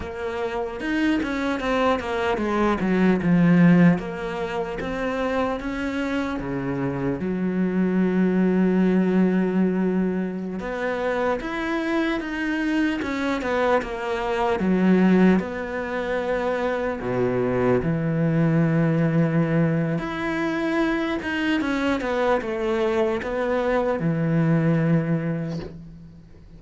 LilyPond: \new Staff \with { instrumentName = "cello" } { \time 4/4 \tempo 4 = 75 ais4 dis'8 cis'8 c'8 ais8 gis8 fis8 | f4 ais4 c'4 cis'4 | cis4 fis2.~ | fis4~ fis16 b4 e'4 dis'8.~ |
dis'16 cis'8 b8 ais4 fis4 b8.~ | b4~ b16 b,4 e4.~ e16~ | e4 e'4. dis'8 cis'8 b8 | a4 b4 e2 | }